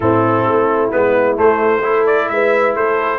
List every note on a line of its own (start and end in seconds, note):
0.00 0.45 A2
0.00 0.92 C4
0.00 1.83 E4
0.00 0.90 A4
0.45 0.91 A3
0.91 1.38 G#3
0.91 1.36 B3
0.91 1.37 B4
1.36 1.82 A3
1.36 2.30 A3
1.36 2.06 C5
1.83 3.18 E4
1.83 2.31 A4
2.06 2.28 D5
2.28 2.75 G#3
2.28 2.77 B4
2.28 2.74 E5
2.75 3.18 A3
2.75 3.18 A4
2.75 3.18 C5